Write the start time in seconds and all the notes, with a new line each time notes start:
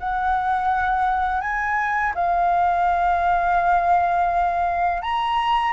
0.00 F#5
1.41 G#5
2.15 F5
5.02 A#5